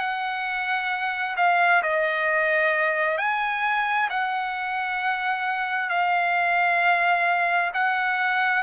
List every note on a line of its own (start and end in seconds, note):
0.00 1.36 F#5
1.37 1.83 F5
1.83 3.19 D#5
3.19 4.10 G#5
4.10 5.90 F#5
5.90 7.72 F5
7.74 8.63 F#5